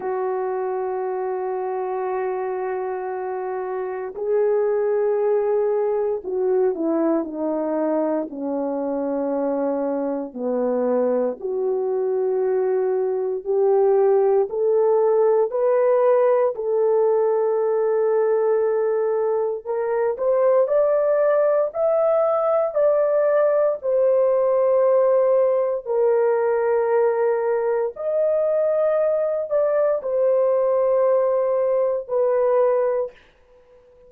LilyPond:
\new Staff \with { instrumentName = "horn" } { \time 4/4 \tempo 4 = 58 fis'1 | gis'2 fis'8 e'8 dis'4 | cis'2 b4 fis'4~ | fis'4 g'4 a'4 b'4 |
a'2. ais'8 c''8 | d''4 e''4 d''4 c''4~ | c''4 ais'2 dis''4~ | dis''8 d''8 c''2 b'4 | }